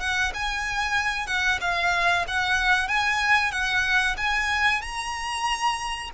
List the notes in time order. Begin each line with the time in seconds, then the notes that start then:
0.00 F#5
0.34 G#5
1.27 F#5
1.60 F5
2.28 F#5
2.88 G#5
3.51 F#5
4.17 G#5
4.81 A#5